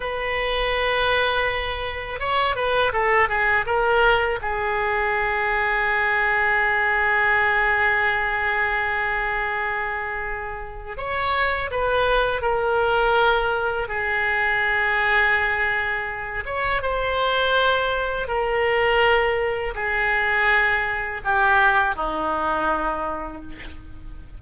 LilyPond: \new Staff \with { instrumentName = "oboe" } { \time 4/4 \tempo 4 = 82 b'2. cis''8 b'8 | a'8 gis'8 ais'4 gis'2~ | gis'1~ | gis'2. cis''4 |
b'4 ais'2 gis'4~ | gis'2~ gis'8 cis''8 c''4~ | c''4 ais'2 gis'4~ | gis'4 g'4 dis'2 | }